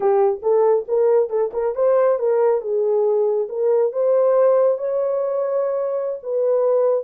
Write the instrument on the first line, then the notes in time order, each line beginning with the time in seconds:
horn
0.00 G4
0.42 A4
0.87 A#4
1.29 A4
1.53 A#4
1.75 C5
2.18 A#4
2.61 G#4
3.49 A#4
3.92 C5
4.77 C#5
6.22 B4